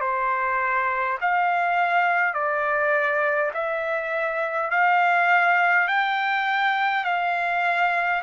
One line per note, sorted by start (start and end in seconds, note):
0.00 1.18 C5
1.21 2.33 F5
2.33 3.51 D5
3.53 4.71 E5
4.71 5.87 F5
5.87 7.04 G5
7.04 8.21 F5